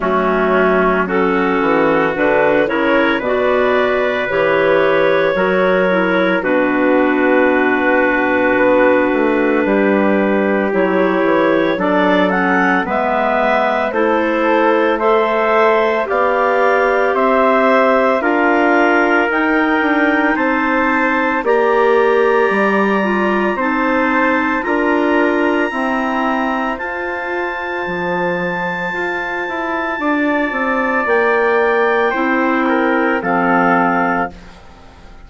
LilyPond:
<<
  \new Staff \with { instrumentName = "clarinet" } { \time 4/4 \tempo 4 = 56 fis'4 a'4 b'8 cis''8 d''4 | cis''2 b'2~ | b'2 cis''4 d''8 fis''8 | e''4 c''4 e''4 f''4 |
e''4 f''4 g''4 a''4 | ais''2 a''4 ais''4~ | ais''4 a''2.~ | a''4 g''2 f''4 | }
  \new Staff \with { instrumentName = "trumpet" } { \time 4/4 cis'4 fis'4. ais'8 b'4~ | b'4 ais'4 fis'2~ | fis'4 g'2 a'4 | b'4 a'4 c''4 d''4 |
c''4 ais'2 c''4 | d''2 c''4 ais'4 | c''1 | d''2 c''8 ais'8 a'4 | }
  \new Staff \with { instrumentName = "clarinet" } { \time 4/4 a4 cis'4 d'8 e'8 fis'4 | g'4 fis'8 e'8 d'2~ | d'2 e'4 d'8 cis'8 | b4 e'4 a'4 g'4~ |
g'4 f'4 dis'2 | g'4. f'8 dis'4 f'4 | c'4 f'2.~ | f'2 e'4 c'4 | }
  \new Staff \with { instrumentName = "bassoon" } { \time 4/4 fis4. e8 d8 cis8 b,4 | e4 fis4 b,2 | b8 a8 g4 fis8 e8 fis4 | gis4 a2 b4 |
c'4 d'4 dis'8 d'8 c'4 | ais4 g4 c'4 d'4 | e'4 f'4 f4 f'8 e'8 | d'8 c'8 ais4 c'4 f4 | }
>>